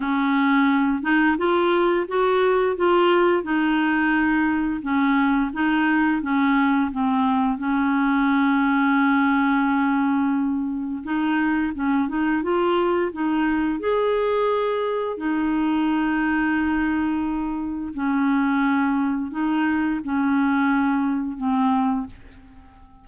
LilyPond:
\new Staff \with { instrumentName = "clarinet" } { \time 4/4 \tempo 4 = 87 cis'4. dis'8 f'4 fis'4 | f'4 dis'2 cis'4 | dis'4 cis'4 c'4 cis'4~ | cis'1 |
dis'4 cis'8 dis'8 f'4 dis'4 | gis'2 dis'2~ | dis'2 cis'2 | dis'4 cis'2 c'4 | }